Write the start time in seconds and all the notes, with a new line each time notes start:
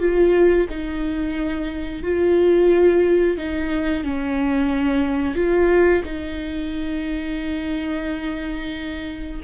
0.00 F4
0.70 D#4
2.03 F4
3.37 D#4
4.04 C#4
5.35 F4
6.05 D#4